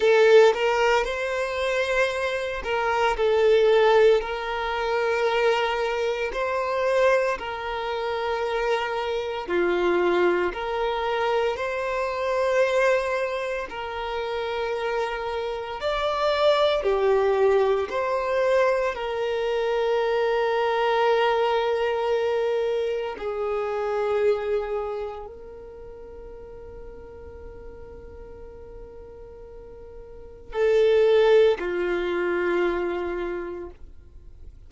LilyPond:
\new Staff \with { instrumentName = "violin" } { \time 4/4 \tempo 4 = 57 a'8 ais'8 c''4. ais'8 a'4 | ais'2 c''4 ais'4~ | ais'4 f'4 ais'4 c''4~ | c''4 ais'2 d''4 |
g'4 c''4 ais'2~ | ais'2 gis'2 | ais'1~ | ais'4 a'4 f'2 | }